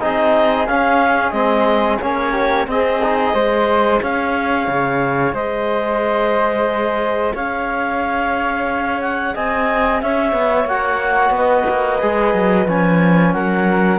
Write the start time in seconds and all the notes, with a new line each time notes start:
0.00 C4 D#4 G#4 D#5
0.67 C#4 F5
1.30 G#3 C4 D#5
2.00 A#3 C#4 C#5
2.32 G4
2.67 C4 G#4 D#5
3.02 D#4
3.33 G#3 G#4 C5
4.02 C#4 C#5 F5
4.68 C#3
5.33 G#3 C5 D#5
7.34 C#4 C#5 F5
9.01 F#5
9.34 C4 D#5 G#5
10.01 C#4 C#5 E5
10.33 B3
10.65 A#3 F#4 F#5
11.30 B3
11.37 B4 D#5
11.69 A#3
12.00 G#3 G#4
12.34 F#3
12.68 F3 C#4 G#5
13.33 F#3 A#4 F#5